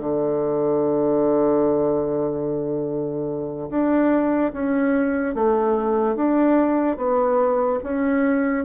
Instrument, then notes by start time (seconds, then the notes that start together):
bassoon
0.00 D3
3.71 D4
4.53 C#4
5.35 A3
6.16 D4
6.98 B3
7.84 C#4